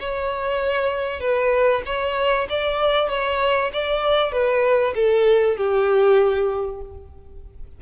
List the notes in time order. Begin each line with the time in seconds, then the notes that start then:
0.00 C#5
1.20 B4
1.86 C#5
2.49 D5
3.09 C#5
3.73 D5
4.32 B4
4.95 A4
5.57 G4